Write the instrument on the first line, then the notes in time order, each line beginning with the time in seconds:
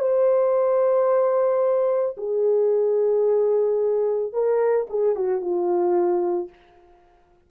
horn
0.00 C5
2.18 G#4
4.33 A#4
4.90 G#4
5.16 F#4
5.41 F4